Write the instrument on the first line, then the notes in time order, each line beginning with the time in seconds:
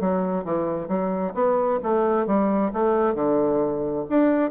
bassoon
0.00 F#3
0.44 E3
0.88 F#3
1.34 B3
1.82 A3
2.26 G3
2.73 A3
3.14 D3
4.09 D4